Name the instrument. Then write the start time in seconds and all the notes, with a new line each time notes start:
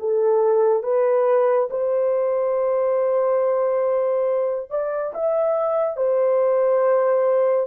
horn
0.00 A4
0.83 B4
1.71 C5
4.71 D5
5.14 E5
5.97 C5